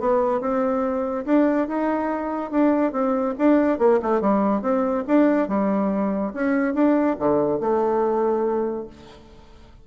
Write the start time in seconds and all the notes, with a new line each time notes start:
0.00 B3
0.41 C4
1.26 D4
1.68 D#4
2.51 D4
2.93 C4
3.39 D4
3.79 A#3
4.02 A3
4.21 G3
4.62 C4
5.08 D4
5.49 G3
6.34 C#4
6.74 D4
7.19 D3
7.61 A3